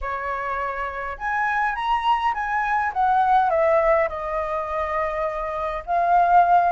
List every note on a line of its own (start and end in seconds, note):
0.01 1.17 C#5
1.18 1.75 G#5
1.75 2.33 A#5
2.34 2.92 G#5
2.93 3.50 F#5
3.50 4.08 E5
4.08 5.83 D#5
5.86 6.71 F5